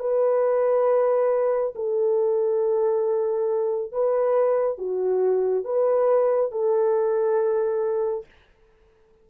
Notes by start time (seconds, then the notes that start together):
0.00 B4
1.75 A4
3.92 B4
4.78 F#4
5.65 B4
6.52 A4